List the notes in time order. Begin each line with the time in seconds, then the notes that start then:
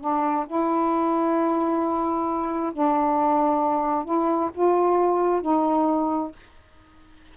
0.00 D4
0.47 E4
2.73 D4
4.04 E4
4.54 F4
5.41 D#4